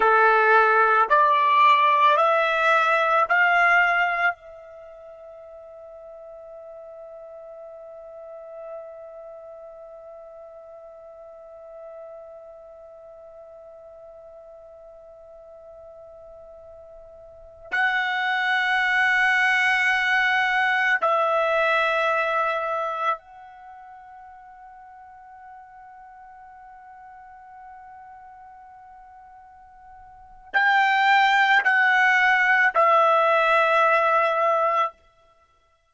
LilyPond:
\new Staff \with { instrumentName = "trumpet" } { \time 4/4 \tempo 4 = 55 a'4 d''4 e''4 f''4 | e''1~ | e''1~ | e''1~ |
e''16 fis''2. e''8.~ | e''4~ e''16 fis''2~ fis''8.~ | fis''1 | g''4 fis''4 e''2 | }